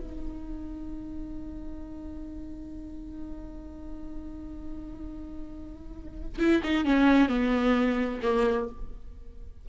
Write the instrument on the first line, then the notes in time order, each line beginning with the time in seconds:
viola
0.00 D#4
6.39 E4
6.64 D#4
6.85 C#4
7.29 B3
8.23 A#3